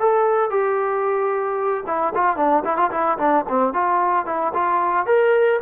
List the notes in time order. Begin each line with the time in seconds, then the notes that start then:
0.00 A4
0.51 G4
1.87 E4
2.15 F4
2.37 D4
2.65 E4
2.78 F4
2.91 E4
3.19 D4
3.49 C4
3.74 F4
4.26 E4
4.54 F4
5.07 A#4